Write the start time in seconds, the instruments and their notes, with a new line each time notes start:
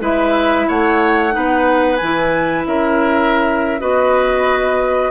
0.00 bassoon G#3, clarinet E4, oboe B4, flute E5
0.68 bassoon A3, oboe C#5, flute F#5
1.31 bassoon B3, clarinet D#4, oboe B4
1.97 bassoon E3, flute G#5
2.03 clarinet E4
2.66 bassoon C#4, oboe A#4, flute E5
3.80 bassoon B3, clarinet F#4, oboe B4, flute D#5